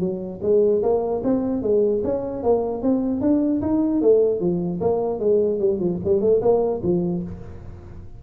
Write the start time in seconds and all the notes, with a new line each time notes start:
0.00 F#3
0.42 G#3
0.83 A#3
1.24 C4
1.62 G#3
2.04 C#4
2.43 A#3
2.83 C4
3.21 D4
3.61 D#4
4.01 A3
4.40 F3
4.81 A#3
5.19 G#3
5.59 G3
5.79 F3
6.04 G3
6.21 A3
6.41 A#3
6.83 F3